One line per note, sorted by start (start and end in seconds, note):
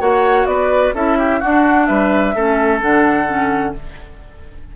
0.00 0.46 A#3
0.00 0.94 F#4
0.00 0.47 C#5
0.00 0.47 F#5
0.46 0.93 B3
0.46 0.95 B4
0.46 0.94 D5
0.94 1.41 C#4
0.94 1.42 E4
0.94 1.18 A4
0.94 1.41 E5
1.19 1.40 G4
1.40 2.36 D4
1.40 1.89 D4
1.40 1.87 F#4
1.40 1.86 F#5
1.86 2.35 G3
1.86 2.35 B4
1.86 2.80 E5
2.35 2.82 A3
2.35 2.81 C#4
2.35 3.76 A4
2.81 3.76 D3
2.81 3.27 D4
2.81 3.75 F#5
3.27 3.74 C#4